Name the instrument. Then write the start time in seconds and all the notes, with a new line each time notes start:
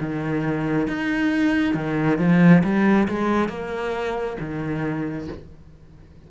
cello
0.00 D#3
0.87 D#4
1.74 D#3
2.19 F3
2.64 G3
3.08 G#3
3.49 A#3
4.40 D#3